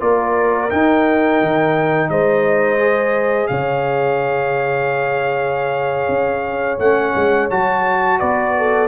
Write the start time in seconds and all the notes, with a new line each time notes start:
0.00 A#3 F4 A#4 D5
0.70 D#4 G5
1.41 D#3
2.09 G#3 C5 D#5
2.78 G#4
3.47 C#3 C#5 F5
6.08 C#4
6.79 A3 C#4 F#5
7.16 G#3
7.50 F#3 F#4 A5
8.19 B3 B4 D5
8.58 A4